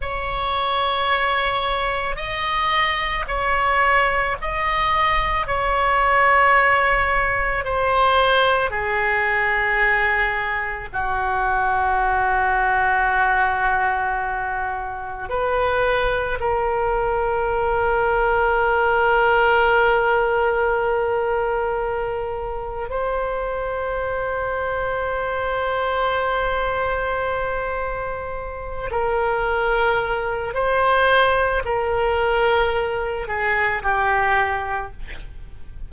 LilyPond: \new Staff \with { instrumentName = "oboe" } { \time 4/4 \tempo 4 = 55 cis''2 dis''4 cis''4 | dis''4 cis''2 c''4 | gis'2 fis'2~ | fis'2 b'4 ais'4~ |
ais'1~ | ais'4 c''2.~ | c''2~ c''8 ais'4. | c''4 ais'4. gis'8 g'4 | }